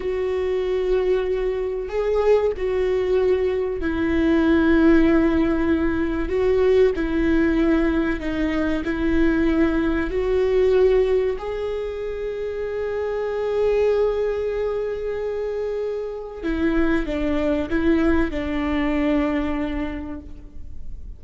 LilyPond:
\new Staff \with { instrumentName = "viola" } { \time 4/4 \tempo 4 = 95 fis'2. gis'4 | fis'2 e'2~ | e'2 fis'4 e'4~ | e'4 dis'4 e'2 |
fis'2 gis'2~ | gis'1~ | gis'2 e'4 d'4 | e'4 d'2. | }